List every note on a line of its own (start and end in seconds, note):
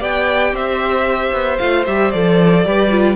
0.00 0.53 B3
0.00 1.58 G4
0.00 0.53 D5
0.00 0.56 G5
0.53 1.32 C4
0.53 2.66 C5
0.53 1.58 E5
1.33 1.59 B3
1.58 1.87 A3
1.58 1.87 F4
1.58 1.85 F5
1.87 2.14 G3
1.87 2.13 G4
1.87 2.12 E5
2.12 2.66 F3
2.12 2.66 A4
2.12 3.17 D5
2.66 3.17 G3
2.66 2.91 G4
2.66 3.17 B4
2.91 3.17 F4